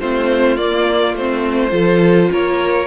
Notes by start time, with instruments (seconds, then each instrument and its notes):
0.00 cello A3, viola C4, violin F4 C5
0.57 cello A#3, viola A#3, violin D5
1.15 cello A3, viola C4, violin C5
1.71 cello F3, viola F4, violin A4
2.33 cello A#3, violin A#4 C#5